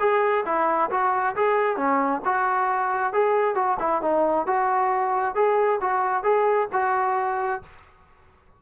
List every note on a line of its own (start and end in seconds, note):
0.00 0.45 G#4
0.45 0.90 E4
0.91 1.36 F#4
1.36 1.77 G#4
1.77 2.22 C#4
2.25 3.13 F#4
3.13 3.55 G#4
3.55 3.78 F#4
3.80 4.02 E4
4.02 4.47 D#4
4.47 5.35 F#4
5.35 5.80 G#4
5.81 6.24 F#4
6.24 6.68 G#4
6.73 7.62 F#4